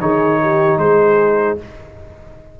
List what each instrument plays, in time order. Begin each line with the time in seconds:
0.00 tuba D#3, trombone D#4, horn G#4, trumpet C#5
0.41 horn G4
0.77 tuba G#3, horn G#4, trumpet C5